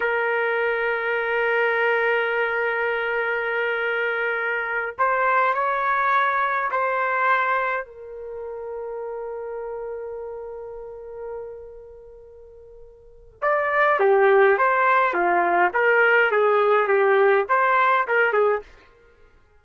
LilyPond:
\new Staff \with { instrumentName = "trumpet" } { \time 4/4 \tempo 4 = 103 ais'1~ | ais'1~ | ais'8 c''4 cis''2 c''8~ | c''4. ais'2~ ais'8~ |
ais'1~ | ais'2. d''4 | g'4 c''4 f'4 ais'4 | gis'4 g'4 c''4 ais'8 gis'8 | }